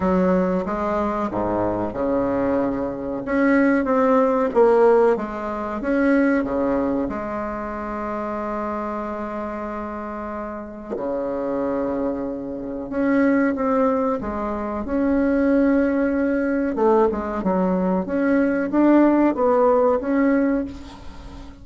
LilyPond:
\new Staff \with { instrumentName = "bassoon" } { \time 4/4 \tempo 4 = 93 fis4 gis4 gis,4 cis4~ | cis4 cis'4 c'4 ais4 | gis4 cis'4 cis4 gis4~ | gis1~ |
gis4 cis2. | cis'4 c'4 gis4 cis'4~ | cis'2 a8 gis8 fis4 | cis'4 d'4 b4 cis'4 | }